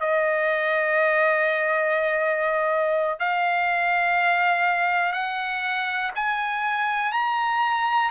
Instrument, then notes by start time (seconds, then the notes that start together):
trumpet
0.00 D#5
3.19 F5
5.12 F#5
6.16 G#5
7.12 A#5